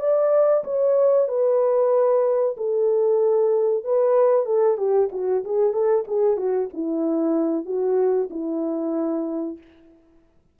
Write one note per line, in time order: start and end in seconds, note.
0.00 0.64 D5
0.64 1.28 C#5
1.28 2.56 B4
2.57 3.84 A4
3.84 4.46 B4
4.46 4.78 A4
4.78 5.09 G4
5.12 5.44 F#4
5.44 5.73 G#4
5.73 6.05 A4
6.08 6.37 G#4
6.37 6.69 F#4
6.73 7.65 E4
7.65 8.29 F#4
8.30 9.58 E4